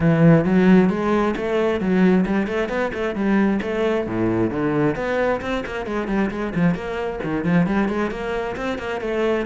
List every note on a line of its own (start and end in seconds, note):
0.00 0.44 E3
0.44 0.89 F#3
0.89 1.34 G#3
1.36 1.80 A3
1.80 2.25 F#3
2.26 2.47 G3
2.47 2.68 A3
2.68 2.91 B3
2.93 3.15 A3
3.15 3.60 G3
3.62 4.07 A3
4.07 4.50 A2
4.50 4.95 D3
4.95 5.40 B3
5.41 5.63 C4
5.66 5.86 A#3
5.86 6.07 G#3
6.07 6.30 G3
6.30 6.53 G#3
6.55 6.74 F3
6.74 7.19 A#3
7.23 7.44 D#3
7.44 7.66 F3
7.66 7.88 G3
7.88 8.11 G#3
8.11 8.56 A#3
8.56 8.78 C4
8.78 9.00 A#3
9.00 9.46 A3